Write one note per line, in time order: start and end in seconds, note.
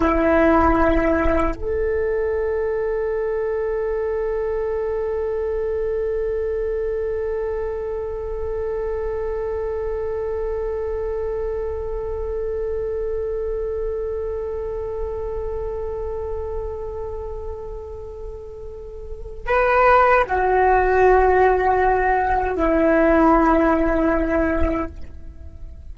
0.00 1.53 E4
1.55 19.46 A4
19.46 20.24 B4
20.26 22.55 F#4
22.55 24.89 E4